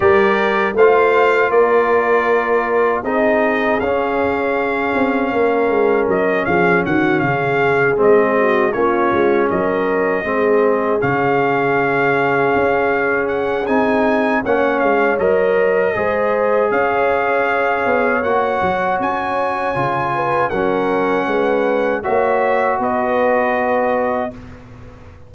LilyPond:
<<
  \new Staff \with { instrumentName = "trumpet" } { \time 4/4 \tempo 4 = 79 d''4 f''4 d''2 | dis''4 f''2. | dis''8 f''8 fis''8 f''4 dis''4 cis''8~ | cis''8 dis''2 f''4.~ |
f''4. fis''8 gis''4 fis''8 f''8 | dis''2 f''2 | fis''4 gis''2 fis''4~ | fis''4 e''4 dis''2 | }
  \new Staff \with { instrumentName = "horn" } { \time 4/4 ais'4 c''4 ais'2 | gis'2. ais'4~ | ais'8 gis'8 fis'8 gis'4. fis'8 f'8~ | f'8 ais'4 gis'2~ gis'8~ |
gis'2. cis''4~ | cis''4 c''4 cis''2~ | cis''2~ cis''8 b'8 ais'4 | b'4 cis''4 b'2 | }
  \new Staff \with { instrumentName = "trombone" } { \time 4/4 g'4 f'2. | dis'4 cis'2.~ | cis'2~ cis'8 c'4 cis'8~ | cis'4. c'4 cis'4.~ |
cis'2 dis'4 cis'4 | ais'4 gis'2. | fis'2 f'4 cis'4~ | cis'4 fis'2. | }
  \new Staff \with { instrumentName = "tuba" } { \time 4/4 g4 a4 ais2 | c'4 cis'4. c'8 ais8 gis8 | fis8 f8 dis8 cis4 gis4 ais8 | gis8 fis4 gis4 cis4.~ |
cis8 cis'4. c'4 ais8 gis8 | fis4 gis4 cis'4. b8 | ais8 fis8 cis'4 cis4 fis4 | gis4 ais4 b2 | }
>>